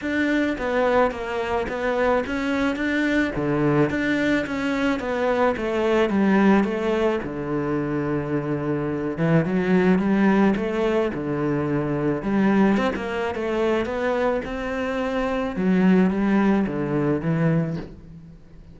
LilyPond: \new Staff \with { instrumentName = "cello" } { \time 4/4 \tempo 4 = 108 d'4 b4 ais4 b4 | cis'4 d'4 d4 d'4 | cis'4 b4 a4 g4 | a4 d2.~ |
d8 e8 fis4 g4 a4 | d2 g4 c'16 ais8. | a4 b4 c'2 | fis4 g4 d4 e4 | }